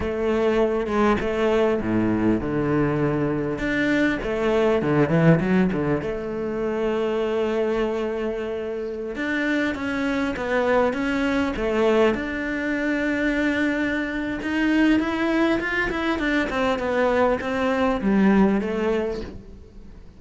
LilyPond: \new Staff \with { instrumentName = "cello" } { \time 4/4 \tempo 4 = 100 a4. gis8 a4 a,4 | d2 d'4 a4 | d8 e8 fis8 d8 a2~ | a2.~ a16 d'8.~ |
d'16 cis'4 b4 cis'4 a8.~ | a16 d'2.~ d'8. | dis'4 e'4 f'8 e'8 d'8 c'8 | b4 c'4 g4 a4 | }